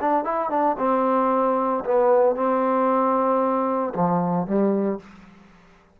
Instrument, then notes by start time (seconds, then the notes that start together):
trombone
0.00 D4
0.24 E4
0.50 D4
0.78 C4
1.84 B3
2.35 C4
3.94 F3
4.46 G3